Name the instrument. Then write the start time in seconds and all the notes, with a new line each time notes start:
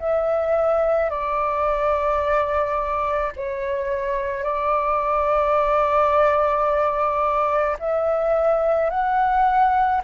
flute
0.00 E5
1.10 D5
3.36 C#5
4.43 D5
7.79 E5
8.90 F#5